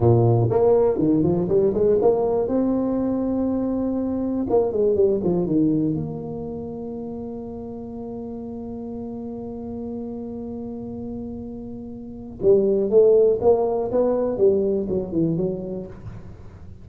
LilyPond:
\new Staff \with { instrumentName = "tuba" } { \time 4/4 \tempo 4 = 121 ais,4 ais4 dis8 f8 g8 gis8 | ais4 c'2.~ | c'4 ais8 gis8 g8 f8 dis4 | ais1~ |
ais1~ | ais1~ | ais4 g4 a4 ais4 | b4 g4 fis8 e8 fis4 | }